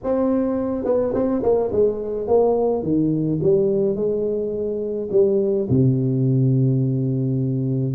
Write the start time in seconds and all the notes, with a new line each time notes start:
0.03 C4
0.84 B3
1.14 C4
1.42 A#3
1.72 G#3
2.27 A#3
2.83 D#3
3.42 G3
3.95 G#3
5.11 G3
5.69 C3